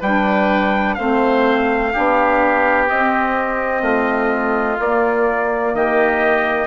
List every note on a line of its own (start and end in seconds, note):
0.00 0.97 G3
0.00 0.98 D4
0.00 0.95 B4
0.00 0.94 G5
0.94 1.94 A3
0.94 1.92 C4
0.94 1.92 C5
0.94 2.85 F5
1.92 2.90 B3
1.92 2.87 D4
1.92 3.82 G4
2.89 3.82 C4
2.89 4.77 C4
2.89 4.80 D#5
3.82 4.77 A3
3.82 5.72 F4
4.77 6.67 A#3
4.77 5.74 A#3
4.77 5.75 D5
5.74 6.67 D#3
5.74 6.67 G4
5.74 6.67 D#5